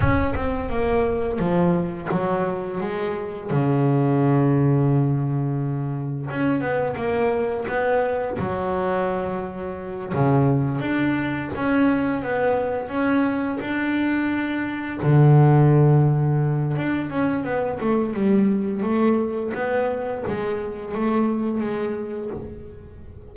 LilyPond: \new Staff \with { instrumentName = "double bass" } { \time 4/4 \tempo 4 = 86 cis'8 c'8 ais4 f4 fis4 | gis4 cis2.~ | cis4 cis'8 b8 ais4 b4 | fis2~ fis8 cis4 d'8~ |
d'8 cis'4 b4 cis'4 d'8~ | d'4. d2~ d8 | d'8 cis'8 b8 a8 g4 a4 | b4 gis4 a4 gis4 | }